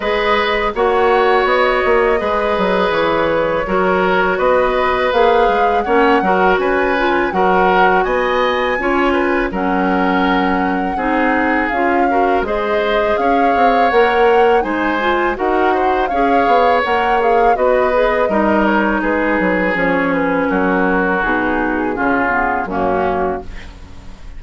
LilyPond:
<<
  \new Staff \with { instrumentName = "flute" } { \time 4/4 \tempo 4 = 82 dis''4 fis''4 dis''2 | cis''2 dis''4 f''4 | fis''4 gis''4 fis''4 gis''4~ | gis''4 fis''2. |
f''4 dis''4 f''4 fis''4 | gis''4 fis''4 f''4 fis''8 f''8 | dis''4. cis''8 b'4 cis''8 b'8 | ais'4 gis'2 fis'4 | }
  \new Staff \with { instrumentName = "oboe" } { \time 4/4 b'4 cis''2 b'4~ | b'4 ais'4 b'2 | cis''8 ais'8 b'4 ais'4 dis''4 | cis''8 b'8 ais'2 gis'4~ |
gis'8 ais'8 c''4 cis''2 | c''4 ais'8 c''8 cis''2 | b'4 ais'4 gis'2 | fis'2 f'4 cis'4 | }
  \new Staff \with { instrumentName = "clarinet" } { \time 4/4 gis'4 fis'2 gis'4~ | gis'4 fis'2 gis'4 | cis'8 fis'4 f'8 fis'2 | f'4 cis'2 dis'4 |
f'8 fis'8 gis'2 ais'4 | dis'8 f'8 fis'4 gis'4 ais'8 gis'8 | fis'8 gis'8 dis'2 cis'4~ | cis'4 dis'4 cis'8 b8 ais4 | }
  \new Staff \with { instrumentName = "bassoon" } { \time 4/4 gis4 ais4 b8 ais8 gis8 fis8 | e4 fis4 b4 ais8 gis8 | ais8 fis8 cis'4 fis4 b4 | cis'4 fis2 c'4 |
cis'4 gis4 cis'8 c'8 ais4 | gis4 dis'4 cis'8 b8 ais4 | b4 g4 gis8 fis8 f4 | fis4 b,4 cis4 fis,4 | }
>>